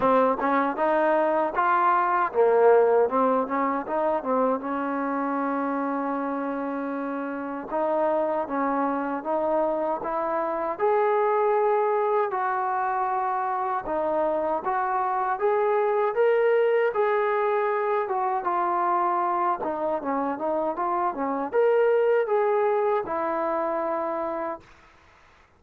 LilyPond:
\new Staff \with { instrumentName = "trombone" } { \time 4/4 \tempo 4 = 78 c'8 cis'8 dis'4 f'4 ais4 | c'8 cis'8 dis'8 c'8 cis'2~ | cis'2 dis'4 cis'4 | dis'4 e'4 gis'2 |
fis'2 dis'4 fis'4 | gis'4 ais'4 gis'4. fis'8 | f'4. dis'8 cis'8 dis'8 f'8 cis'8 | ais'4 gis'4 e'2 | }